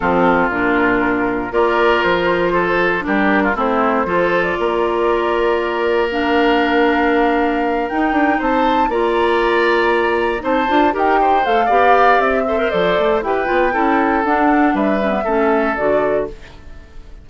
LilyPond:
<<
  \new Staff \with { instrumentName = "flute" } { \time 4/4 \tempo 4 = 118 a'4 ais'2 d''4 | c''2 ais'4 c''4~ | c''8. d''2.~ d''16 | f''2.~ f''8 g''8~ |
g''8 a''4 ais''2~ ais''8~ | ais''8 a''4 g''4 f''4. | e''4 d''4 g''2 | fis''4 e''2 d''4 | }
  \new Staff \with { instrumentName = "oboe" } { \time 4/4 f'2. ais'4~ | ais'4 a'4 g'8. f'16 e'4 | a'4 ais'2.~ | ais'1~ |
ais'8 c''4 d''2~ d''8~ | d''8 c''4 ais'8 c''4 d''4~ | d''8 c''4. b'4 a'4~ | a'4 b'4 a'2 | }
  \new Staff \with { instrumentName = "clarinet" } { \time 4/4 c'4 d'2 f'4~ | f'2 d'4 c'4 | f'1 | d'2.~ d'8 dis'8~ |
dis'4. f'2~ f'8~ | f'8 dis'8 f'8 g'4 a'8 g'4~ | g'8 a'16 ais'16 a'4 g'8 f'8 e'4 | d'4. cis'16 b16 cis'4 fis'4 | }
  \new Staff \with { instrumentName = "bassoon" } { \time 4/4 f4 ais,2 ais4 | f2 g4 a4 | f4 ais2.~ | ais2.~ ais8 dis'8 |
d'8 c'4 ais2~ ais8~ | ais8 c'8 d'8 dis'4 a8 b4 | c'4 f8 a8 e'8 b8 cis'4 | d'4 g4 a4 d4 | }
>>